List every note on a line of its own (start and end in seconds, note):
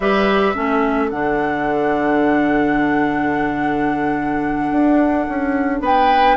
0.00 0.54 G3
0.00 0.54 G4
0.00 0.55 B4
0.00 1.09 E5
0.54 1.11 A3
0.54 1.09 C#4
0.54 5.81 A4
1.09 4.71 D3
1.09 6.37 D4
1.09 5.81 F#5
4.71 5.26 D4
5.28 5.80 C#4
5.80 6.36 B3
5.80 6.37 B4
5.80 6.37 G5